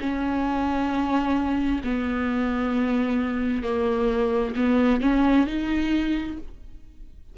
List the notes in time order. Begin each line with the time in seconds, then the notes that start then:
0.00 C#4
1.84 B3
3.63 A#3
4.56 B3
5.01 C#4
5.46 D#4